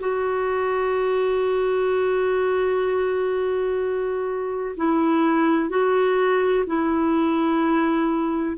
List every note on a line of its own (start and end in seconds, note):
0.00 4.76 F#4
4.77 5.70 E4
5.70 6.65 F#4
6.67 8.57 E4